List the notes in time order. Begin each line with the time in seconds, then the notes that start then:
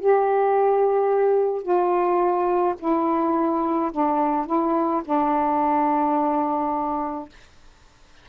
0.00 G4
1.63 F4
2.79 E4
3.92 D4
4.46 E4
5.05 D4